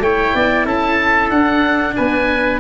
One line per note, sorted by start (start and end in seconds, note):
0.00 0.32 A3
0.00 1.32 E4
0.00 0.36 C#5
0.00 0.67 G5
0.35 0.66 B3
0.35 0.66 D5
0.66 1.30 C#4
0.66 1.95 A4
0.66 1.31 A5
1.30 1.95 D4
1.30 2.60 D4
1.30 1.95 F#5
1.96 2.60 B3
1.96 2.60 B4
1.96 2.60 G#5